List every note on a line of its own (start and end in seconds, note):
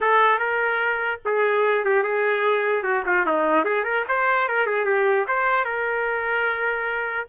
0.00 0.39 A4
0.39 1.20 A#4
1.25 1.84 G#4
1.84 2.03 G4
2.03 2.83 G#4
2.83 3.03 F#4
3.05 3.25 F4
3.25 3.64 D#4
3.64 3.84 G#4
3.84 4.04 A#4
4.08 4.48 C5
4.48 4.66 A#4
4.66 4.85 G#4
4.85 5.25 G4
5.27 5.64 C5
5.64 7.26 A#4